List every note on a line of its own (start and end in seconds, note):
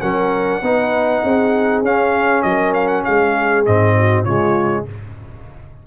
0.00 0.61 F#3
0.00 0.62 C#4
0.00 0.63 A#4
0.00 1.82 F#5
0.61 1.22 B3
0.61 1.84 D#4
0.61 1.23 B4
1.23 1.82 C4
1.23 2.45 G#4
1.82 2.43 C#4
1.82 3.65 C#4
1.82 2.42 F5
2.42 3.04 F#3
2.42 3.04 A#4
2.42 2.72 D#5
2.73 2.87 F5
2.87 3.02 F#5
3.04 3.66 G#3
3.04 3.95 G#4
3.04 3.64 F5
3.65 4.25 G#2
3.65 4.26 C4
3.65 4.24 D#5
3.97 4.23 F#4
4.23 4.86 C#3
4.23 4.86 G#3
4.23 4.84 F4
4.23 4.84 C#5